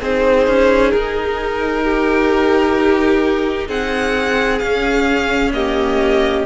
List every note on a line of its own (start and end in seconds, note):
0.00 0.47 C4
0.00 4.62 D#4
0.00 1.84 G#4
0.00 0.91 C5
0.47 0.93 C#4
0.91 3.69 D#4
0.91 3.68 A#4
1.84 3.68 G4
3.68 4.61 C4
3.68 5.53 G#4
3.68 4.59 F#5
4.59 5.54 C#4
4.59 6.46 C#4
4.59 5.51 F5
5.53 6.46 A#3
5.53 6.46 G4
5.53 6.46 D#5